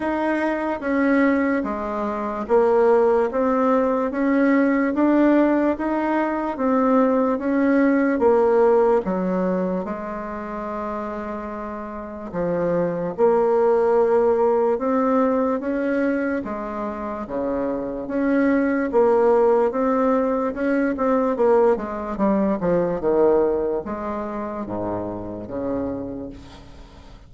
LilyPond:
\new Staff \with { instrumentName = "bassoon" } { \time 4/4 \tempo 4 = 73 dis'4 cis'4 gis4 ais4 | c'4 cis'4 d'4 dis'4 | c'4 cis'4 ais4 fis4 | gis2. f4 |
ais2 c'4 cis'4 | gis4 cis4 cis'4 ais4 | c'4 cis'8 c'8 ais8 gis8 g8 f8 | dis4 gis4 gis,4 cis4 | }